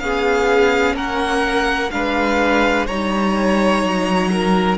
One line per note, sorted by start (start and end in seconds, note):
0.00 0.94 B3
0.00 1.91 C#4
0.00 0.96 G#4
0.00 0.95 F5
0.94 1.89 A#3
0.94 1.91 A#4
0.94 1.91 F#5
1.91 2.88 G#3
1.91 2.87 D4
1.91 2.86 B4
1.91 2.86 F5
2.86 3.83 G3
2.86 4.78 D#4
2.86 4.29 C#5
2.86 4.78 A#5
3.83 4.78 F#3
4.31 4.78 A#4